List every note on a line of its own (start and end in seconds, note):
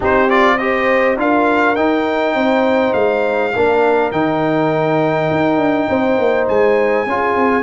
0.00 1.17 C4
0.00 0.28 D#4
0.00 0.56 G4
0.00 0.30 C5
0.29 0.59 F4
0.29 0.58 D5
0.58 1.17 G4
0.58 1.20 C5
0.58 1.17 D#5
1.17 1.75 D4
1.17 1.75 F4
1.17 2.37 A#4
1.17 1.75 F5
1.75 2.34 D#4
1.75 3.52 D#4
1.75 2.93 G5
2.34 2.93 C4
2.34 3.53 C5
2.93 3.53 G#3
2.93 4.10 F5
3.53 4.12 A#3
3.53 4.12 D4
3.53 5.88 A#4
4.11 5.29 D#3
4.11 7.06 D#4
4.11 6.46 G5
5.31 5.57 D#4
5.57 5.86 D4
5.88 6.18 C4
5.88 7.06 C5
6.18 6.47 A#3
6.48 7.06 G#3
6.48 7.62 G#5
7.06 7.35 C#4
7.06 7.62 F4
7.06 7.62 G#4
7.35 7.62 C4